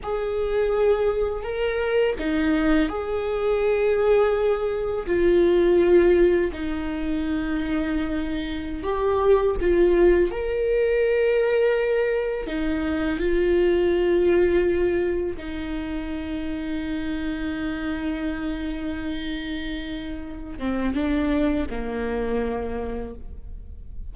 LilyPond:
\new Staff \with { instrumentName = "viola" } { \time 4/4 \tempo 4 = 83 gis'2 ais'4 dis'4 | gis'2. f'4~ | f'4 dis'2.~ | dis'16 g'4 f'4 ais'4.~ ais'16~ |
ais'4~ ais'16 dis'4 f'4.~ f'16~ | f'4~ f'16 dis'2~ dis'8.~ | dis'1~ | dis'8 c'8 d'4 ais2 | }